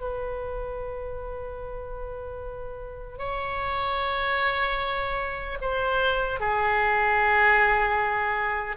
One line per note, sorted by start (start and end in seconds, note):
0.00 3.18 B4
3.18 5.58 C#5
5.61 6.40 C5
6.40 8.76 G#4